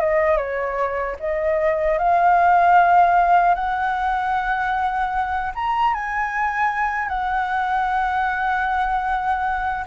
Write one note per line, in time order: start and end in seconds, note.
0.00 0.37 D#5
0.37 1.16 C#5
1.19 1.98 D#5
1.98 3.55 F5
3.55 5.52 F#5
5.55 5.94 A#5
5.94 7.08 G#5
7.08 9.85 F#5